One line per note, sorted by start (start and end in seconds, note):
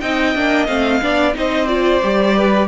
0.00 0.35 C4
0.00 0.35 D#4
0.00 1.02 D#5
0.00 0.67 G5
0.35 0.68 A#3
0.35 0.67 D4
0.67 1.02 A3
0.67 1.01 C4
0.67 1.33 F5
1.02 1.35 B3
1.02 1.33 D4
1.02 1.37 D5
1.33 2.03 C4
1.33 1.67 D#4
1.33 2.37 C5
1.33 1.68 D#5
1.68 2.01 F4
1.68 2.68 D5
2.03 2.68 G3
2.03 2.68 G4
2.37 2.68 B4